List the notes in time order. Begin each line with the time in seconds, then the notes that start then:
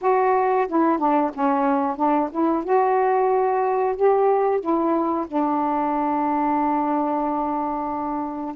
0.01 F#4
0.68 E4
0.98 D4
1.34 C#4
1.96 D4
2.31 E4
2.64 F#4
3.96 G4
4.60 E4
5.27 D4